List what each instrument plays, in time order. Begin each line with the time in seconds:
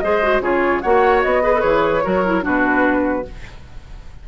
0.00 bassoon G#3, clarinet G#4, oboe C5, flute D#5
0.23 clarinet F#4
0.41 bassoon C#3, clarinet F4, oboe G#4, flute C#5
0.82 bassoon A#3, clarinet F#4, oboe C#5, flute F#5
1.22 bassoon B3, flute D#5
1.43 clarinet G#4, oboe B4
1.54 clarinet A4
1.61 bassoon E3, clarinet G#4, flute C#5
2.04 bassoon F#3, clarinet F#4, oboe A#4
2.25 clarinet E4
2.42 bassoon B2, clarinet D4, oboe F#4, flute B4